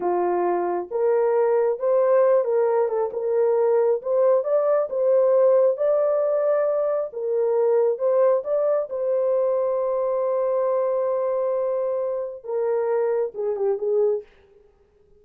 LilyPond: \new Staff \with { instrumentName = "horn" } { \time 4/4 \tempo 4 = 135 f'2 ais'2 | c''4. ais'4 a'8 ais'4~ | ais'4 c''4 d''4 c''4~ | c''4 d''2. |
ais'2 c''4 d''4 | c''1~ | c''1 | ais'2 gis'8 g'8 gis'4 | }